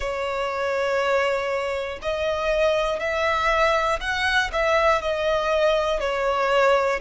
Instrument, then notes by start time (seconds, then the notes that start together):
violin
0.00 C#5
2.02 D#5
2.99 E5
4.00 F#5
4.52 E5
5.01 D#5
6.00 C#5